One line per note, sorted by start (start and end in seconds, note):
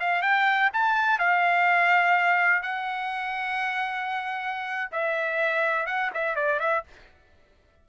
0.00 0.22 F5
0.22 0.70 G5
0.74 1.19 A5
1.19 2.62 F5
2.62 4.90 F#5
4.92 5.86 E5
5.86 6.10 F#5
6.14 6.36 E5
6.36 6.60 D5
6.60 6.84 E5